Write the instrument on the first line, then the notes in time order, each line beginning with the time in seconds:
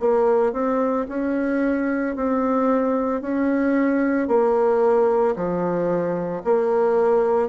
bassoon
0.00 A#3
0.53 C4
1.09 C#4
2.16 C4
3.21 C#4
4.28 A#3
5.36 F3
6.44 A#3